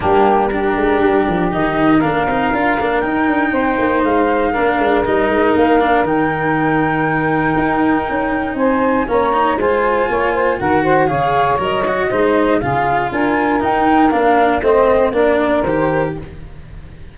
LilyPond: <<
  \new Staff \with { instrumentName = "flute" } { \time 4/4 \tempo 4 = 119 g'4 ais'2 dis''4 | f''2 g''2 | f''2 dis''4 f''4 | g''1~ |
g''4 gis''4 ais''4 gis''4~ | gis''4 fis''4 f''4 dis''4~ | dis''4 f''4 gis''4 g''4 | f''4 dis''4 d''4 c''4 | }
  \new Staff \with { instrumentName = "saxophone" } { \time 4/4 d'4 g'2. | ais'2. c''4~ | c''4 ais'2.~ | ais'1~ |
ais'4 c''4 cis''4 c''4 | cis''8 c''8 ais'8 c''8 cis''2 | c''4 gis'4 ais'2~ | ais'4 c''4 ais'2 | }
  \new Staff \with { instrumentName = "cello" } { \time 4/4 ais4 d'2 dis'4 | d'8 dis'8 f'8 d'8 dis'2~ | dis'4 d'4 dis'4. d'8 | dis'1~ |
dis'2 cis'8 dis'8 f'4~ | f'4 fis'4 gis'4 ais'8 fis'8 | dis'4 f'2 dis'4 | d'4 c'4 d'4 g'4 | }
  \new Staff \with { instrumentName = "tuba" } { \time 4/4 g4. gis8 g8 f8 dis4 | ais8 c'8 d'8 ais8 dis'8 d'8 c'8 ais8 | gis4 ais8 gis8 g8 gis8 ais4 | dis2. dis'4 |
cis'4 c'4 ais4 gis4 | ais4 dis4 cis4 fis4 | gis4 cis4 d'4 dis'4 | ais4 a4 ais4 dis4 | }
>>